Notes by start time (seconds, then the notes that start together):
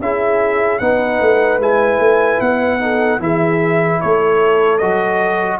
0.00 C#4 E4 G#4 E5
0.79 B3 D#4 B4 F#5
1.21 A3
1.59 G#3 E4 G#5
1.99 A3
2.41 B3 F#5
2.80 D#4 A4
3.20 E3 E4 G#4 E5
4.01 A3 A4 C#5
4.78 F#3 F#4 D#5